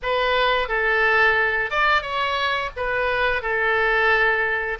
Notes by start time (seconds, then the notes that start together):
0.02 B4
0.68 A4
1.70 D5
2.01 C#5
2.76 B4
3.42 A4